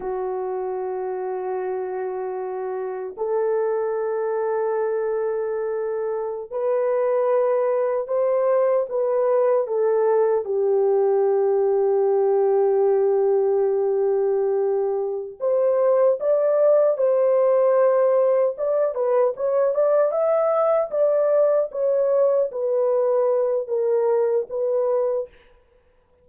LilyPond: \new Staff \with { instrumentName = "horn" } { \time 4/4 \tempo 4 = 76 fis'1 | a'1~ | a'16 b'2 c''4 b'8.~ | b'16 a'4 g'2~ g'8.~ |
g'2.~ g'8 c''8~ | c''8 d''4 c''2 d''8 | b'8 cis''8 d''8 e''4 d''4 cis''8~ | cis''8 b'4. ais'4 b'4 | }